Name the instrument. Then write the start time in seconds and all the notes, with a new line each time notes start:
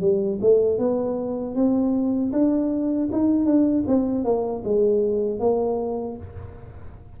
tuba
0.00 G3
0.41 A3
0.78 B3
1.55 C4
2.32 D4
3.12 D#4
3.45 D4
3.87 C4
4.24 A#3
4.64 G#3
5.39 A#3